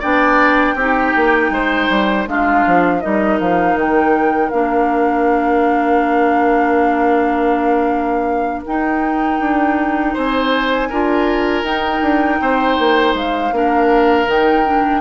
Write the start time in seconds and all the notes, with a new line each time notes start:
0.00 B3 D4 D5 G5
0.75 C4 D#4 G4
1.16 A#3
1.51 G#3 C5
1.90 G3
2.27 G#3 D4 F4 F5
2.67 F3
3.01 G3 D#4 A#4 D#5
3.40 F3 F5
3.76 D#3 G5
4.50 A#3 D4 F5
8.66 D#4 G5
9.40 D4
10.14 C4 C5 G#5
10.90 D4 F4 A#4
11.64 D#4 G5
12.01 D4
12.41 C4 C5
12.79 A#3
13.14 G#3 F5
13.52 A#3 D4 A#4
14.27 D#3 D#4 G5
14.65 D4